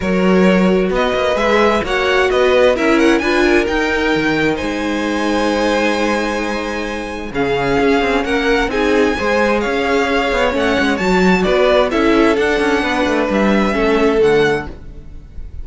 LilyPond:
<<
  \new Staff \with { instrumentName = "violin" } { \time 4/4 \tempo 4 = 131 cis''2 dis''4 e''4 | fis''4 dis''4 e''8 fis''8 gis''4 | g''2 gis''2~ | gis''1 |
f''2 fis''4 gis''4~ | gis''4 f''2 fis''4 | a''4 d''4 e''4 fis''4~ | fis''4 e''2 fis''4 | }
  \new Staff \with { instrumentName = "violin" } { \time 4/4 ais'2 b'2 | cis''4 b'4 ais'4 b'8 ais'8~ | ais'2 c''2~ | c''1 |
gis'2 ais'4 gis'4 | c''4 cis''2.~ | cis''4 b'4 a'2 | b'2 a'2 | }
  \new Staff \with { instrumentName = "viola" } { \time 4/4 fis'2. gis'4 | fis'2 e'4 f'4 | dis'1~ | dis'1 |
cis'2. dis'4 | gis'2. cis'4 | fis'2 e'4 d'4~ | d'2 cis'4 a4 | }
  \new Staff \with { instrumentName = "cello" } { \time 4/4 fis2 b8 ais8 gis4 | ais4 b4 cis'4 d'4 | dis'4 dis4 gis2~ | gis1 |
cis4 cis'8 c'8 ais4 c'4 | gis4 cis'4. b8 a8 gis8 | fis4 b4 cis'4 d'8 cis'8 | b8 a8 g4 a4 d4 | }
>>